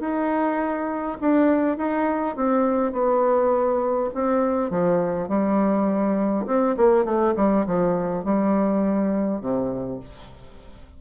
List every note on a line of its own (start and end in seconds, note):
0.00 1.18 D#4
1.21 1.77 D4
1.77 2.36 D#4
2.36 2.93 C4
2.93 4.10 B3
4.14 4.70 C4
4.70 5.29 F3
5.29 6.46 G3
6.47 6.76 C4
6.77 7.05 A#3
7.05 7.34 A3
7.36 7.66 G3
7.67 8.24 F3
8.24 9.41 G3
9.41 10.00 C3